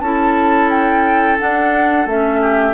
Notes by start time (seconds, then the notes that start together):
0.00 C#4 E4 A4 A5
0.69 G5
1.39 D4 F#5
2.06 A3 C#4 E5
2.41 G4